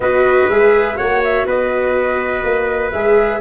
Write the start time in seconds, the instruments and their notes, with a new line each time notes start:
0.00 tuba B3, viola F#4, trumpet B4, flute D#5
0.48 tuba G#3, viola G#4, flute E5
0.95 tuba A#3, viola F#4, trumpet C#5, flute F#5
1.23 flute E5
1.46 tuba B3, trumpet B4, flute D#5
2.44 tuba A#3
2.91 tuba G#3, viola G#4, flute E5